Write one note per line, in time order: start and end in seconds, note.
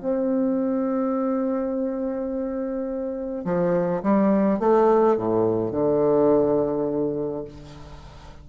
0.00 3.44 C4
3.44 4.02 F3
4.03 4.59 G3
4.59 5.17 A3
5.17 5.71 A2
5.71 7.44 D3